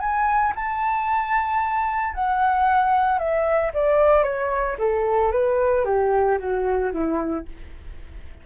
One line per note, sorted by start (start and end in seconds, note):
0.00 0.53 G#5
0.55 2.14 A5
2.14 3.18 F#5
3.18 3.71 E5
3.74 4.24 D5
4.24 4.77 C#5
4.79 5.32 A4
5.32 5.85 B4
5.85 6.38 G4
6.39 6.92 F#4
6.92 7.45 E4